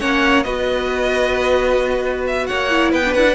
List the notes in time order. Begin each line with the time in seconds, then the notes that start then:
0.00 A#3 C#4 C#5 F#5
0.44 B3 F#4 B4 D#5
2.27 E5
2.47 A#3 C#5 F#5
2.70 E4
2.92 B3 B4 G5
3.05 D4
3.14 D4 E4 F#5
3.28 B4